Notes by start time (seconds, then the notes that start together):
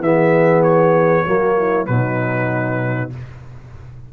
0.00 E3 B3 G#4 E5
0.63 C#5
1.26 F#3 A#3 F#4
1.58 E4
1.86 B2 F#3 D#4 B4